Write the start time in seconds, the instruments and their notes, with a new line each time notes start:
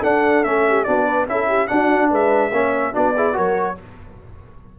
0.00 trombone D4, tuba D4, horn A4, trumpet F#5
0.44 tuba A3, trombone C#4, trumpet E5
0.68 horn G4
0.84 tuba B3, trombone D4, horn F#4, trumpet D5
1.06 horn B4
1.27 tuba C#4, trombone E4, horn A4, trumpet E5
1.48 horn G4
1.68 trombone D4, tuba D4, horn F#4, trumpet F#5
2.10 tuba G#3, horn B4, trumpet E5
2.51 tuba A#3, trombone C#4, horn C#5
2.93 tuba B3, trombone D4, horn F#4, trumpet D5
3.16 trombone E4, horn G#4
3.34 tuba F#3, trombone F#4, horn A#4, trumpet C#5